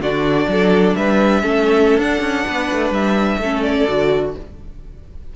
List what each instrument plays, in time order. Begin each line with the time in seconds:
0.00 cello D3, viola D4, violin F#4 D5
0.48 cello F#3, violin A4
0.95 cello G3, violin B4 E5
1.42 cello A3, viola C#4, violin A4
1.98 cello D4, viola D4, violin F#5
2.21 cello C#4
2.47 cello B3, violin B4
2.72 cello A3
2.91 cello G3, violin E5
3.38 cello A3, viola C#4, violin A4
3.62 violin D5
3.88 cello D3, viola F#4